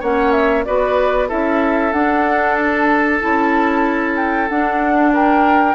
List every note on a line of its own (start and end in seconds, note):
0.00 0.66 A#3
0.00 0.65 C#4
0.00 0.64 C#5
0.00 0.32 F#5
0.32 0.63 E5
0.64 1.31 B3
0.64 1.29 F#4
0.64 1.28 B4
0.64 1.28 D5
1.28 1.93 C#4
1.28 1.92 E4
1.28 5.11 A4
1.28 1.92 E5
1.92 3.20 D4
1.92 3.21 D4
1.92 2.56 F#5
2.57 4.16 A5
3.21 4.50 C#4
3.21 4.48 E4
4.16 4.48 G5
4.49 5.75 D4
4.49 5.12 F#5
5.13 5.75 A#4
5.13 5.75 G5